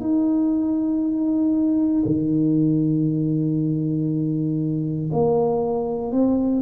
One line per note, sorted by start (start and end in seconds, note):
0.00 2.03 D#4
2.05 5.10 D#3
5.12 6.12 A#3
6.12 6.61 C4